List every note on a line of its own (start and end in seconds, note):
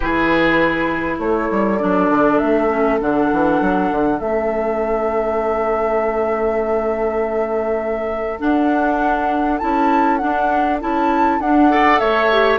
0.00 1.18 E3
0.00 1.79 E4
0.00 1.18 G#4
0.00 1.18 B4
1.18 1.48 A3
1.18 11.68 A4
1.18 1.78 C#5
1.50 1.80 G3
1.78 2.09 F#3
1.78 2.69 D4
1.78 2.38 D5
2.09 2.39 D3
2.38 3.01 A3
2.38 2.98 E5
2.69 2.99 C#4
3.00 3.31 D3
3.00 4.19 D4
3.00 4.19 F#5
3.31 3.61 E3
3.61 3.91 F#3
3.91 4.20 D3
4.19 8.40 A3
4.19 8.39 C#4
4.19 8.39 E5
8.39 9.59 D4
8.39 9.61 D4
8.39 9.58 F#5
9.58 10.22 C#4
9.58 10.20 E4
9.58 10.17 A5
10.17 10.79 D4
10.17 10.82 D4
10.17 10.77 F#5
10.80 11.39 C#4
10.80 11.40 E4
10.80 11.40 A5
11.39 11.99 D4
11.39 11.70 D4
11.39 11.98 F#5
11.70 12.30 A4
11.70 12.00 D5
11.98 12.58 A3
11.98 12.58 C#5
11.98 12.58 E5
12.31 12.58 G4